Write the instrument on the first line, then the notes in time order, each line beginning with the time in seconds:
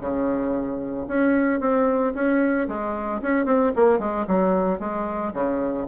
bassoon
0.00 C#3
1.07 C#4
1.60 C4
2.14 C#4
2.68 G#3
3.21 C#4
3.45 C4
3.75 A#3
3.99 G#3
4.27 F#3
4.79 G#3
5.33 C#3